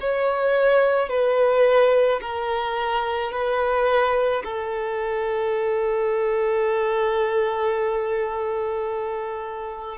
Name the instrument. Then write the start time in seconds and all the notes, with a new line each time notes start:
violin
0.00 C#5
1.09 B4
2.21 A#4
3.31 B4
4.43 A4